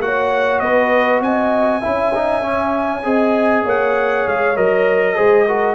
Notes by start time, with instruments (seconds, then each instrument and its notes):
0.00 tuba A#3, trombone F#4, horn C#5, trumpet F#5
0.60 tuba B3, horn B4, trumpet D#5
1.21 tuba C4, horn D#5, trumpet G#5
1.81 tuba C#4, trombone E4, horn E5
2.15 trombone D#4
2.42 trombone C#4
3.04 tuba C4, trombone G#4, horn D#5
3.65 tuba A#3, horn C#5, trumpet F#5
4.27 tuba G#3, trumpet F5
4.56 tuba F#3, trombone A#4, trumpet D#5
5.16 tuba G#3, trombone G#4, horn C5
5.48 trombone F#4, horn A#4